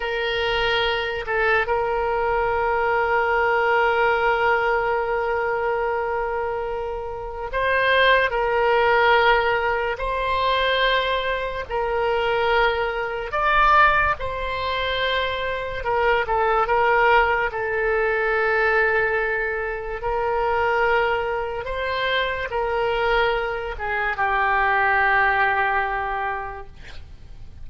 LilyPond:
\new Staff \with { instrumentName = "oboe" } { \time 4/4 \tempo 4 = 72 ais'4. a'8 ais'2~ | ais'1~ | ais'4 c''4 ais'2 | c''2 ais'2 |
d''4 c''2 ais'8 a'8 | ais'4 a'2. | ais'2 c''4 ais'4~ | ais'8 gis'8 g'2. | }